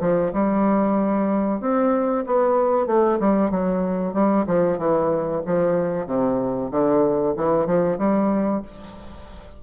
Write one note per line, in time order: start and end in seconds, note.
0.00 0.32 F3
0.32 1.60 G3
1.60 2.24 C4
2.26 2.86 B3
2.86 3.18 A3
3.19 3.50 G3
3.50 4.13 F#3
4.13 4.45 G3
4.46 4.78 F3
4.78 5.42 E3
5.46 6.06 F3
6.06 6.70 C3
6.71 7.34 D3
7.36 7.66 E3
7.66 7.98 F3
7.98 8.62 G3